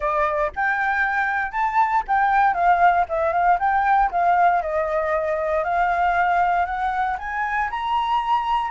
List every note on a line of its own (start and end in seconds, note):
0.00 0.51 D5
0.55 1.51 G5
1.51 2.03 A5
2.07 2.53 G5
2.53 3.05 F5
3.08 3.32 E5
3.32 3.58 F5
3.59 4.10 G5
4.11 4.62 F5
4.62 5.63 D#5
5.63 6.65 F5
6.65 7.17 F#5
7.18 7.69 G#5
7.70 8.71 A#5